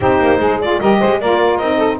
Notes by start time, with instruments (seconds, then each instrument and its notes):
0.00 double bass C4, saxophone D#4 G4, clarinet C5
0.19 double bass A#3
0.38 double bass G#3, saxophone G#4
0.61 saxophone F4, clarinet D5
0.79 double bass G3, saxophone G4 A#4, clarinet D#5
0.99 double bass G#3, saxophone C5
1.20 double bass A#3, saxophone F4 A#4, clarinet D5
1.57 double bass C4, saxophone D#4, clarinet D#5
1.77 saxophone A4